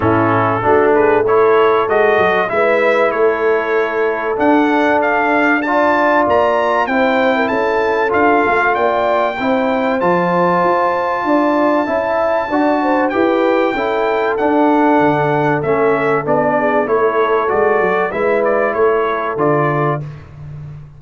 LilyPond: <<
  \new Staff \with { instrumentName = "trumpet" } { \time 4/4 \tempo 4 = 96 a'4. b'8 cis''4 dis''4 | e''4 cis''2 fis''4 | f''4 a''4 ais''4 g''4 | a''4 f''4 g''2 |
a''1~ | a''4 g''2 fis''4~ | fis''4 e''4 d''4 cis''4 | d''4 e''8 d''8 cis''4 d''4 | }
  \new Staff \with { instrumentName = "horn" } { \time 4/4 e'4 fis'8 gis'8 a'2 | b'4 a'2.~ | a'4 d''2 c''8. ais'16 | a'2 d''4 c''4~ |
c''2 d''4 e''4 | d''8 c''8 b'4 a'2~ | a'2~ a'8 gis'8 a'4~ | a'4 b'4 a'2 | }
  \new Staff \with { instrumentName = "trombone" } { \time 4/4 cis'4 d'4 e'4 fis'4 | e'2. d'4~ | d'4 f'2 e'4~ | e'4 f'2 e'4 |
f'2. e'4 | fis'4 g'4 e'4 d'4~ | d'4 cis'4 d'4 e'4 | fis'4 e'2 f'4 | }
  \new Staff \with { instrumentName = "tuba" } { \time 4/4 a,4 a2 gis8 fis8 | gis4 a2 d'4~ | d'2 ais4 c'4 | cis'4 d'8 a8 ais4 c'4 |
f4 f'4 d'4 cis'4 | d'4 e'4 cis'4 d'4 | d4 a4 b4 a4 | gis8 fis8 gis4 a4 d4 | }
>>